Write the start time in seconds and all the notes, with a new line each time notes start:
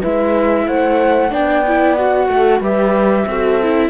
0.00 G#3 E4 B4 E5
0.67 A3 C5 F#5
1.30 B3 D4 D5 G5
1.67 E4
1.95 F#4 F#5
2.28 A3 A4
2.60 G3 G4 B4 E5
3.26 C4 F#4 A4
3.62 E4